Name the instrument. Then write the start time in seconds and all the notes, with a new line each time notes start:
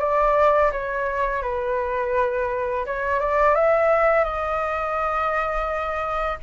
flute
0.00 D5
0.72 C#5
1.43 B4
2.86 C#5
3.20 D5
3.55 E5
4.24 D#5